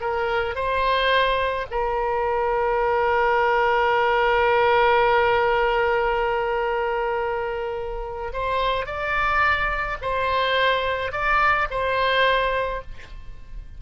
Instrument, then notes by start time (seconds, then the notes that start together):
oboe
0.00 A#4
0.55 C5
1.70 A#4
8.32 C5
8.86 D5
10.01 C5
11.12 D5
11.70 C5